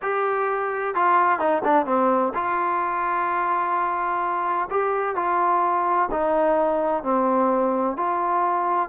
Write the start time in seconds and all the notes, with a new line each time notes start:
0.01 G4
0.95 F4
1.39 D#4
1.64 D4
1.85 C4
2.34 F4
4.70 G4
5.15 F4
6.11 D#4
7.03 C4
7.96 F4